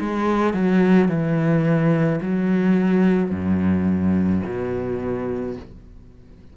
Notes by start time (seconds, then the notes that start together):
0.00 G#3
0.54 F#3
1.09 E3
2.21 F#3
3.31 F#2
4.45 B2